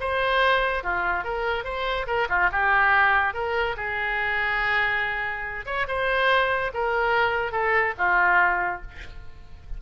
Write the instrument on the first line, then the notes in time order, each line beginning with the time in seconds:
oboe
0.00 C5
0.83 F4
1.24 A#4
1.64 C5
2.07 A#4
2.29 F4
2.52 G4
3.34 A#4
3.76 G#4
5.65 C#5
5.87 C5
6.73 A#4
7.52 A4
7.98 F4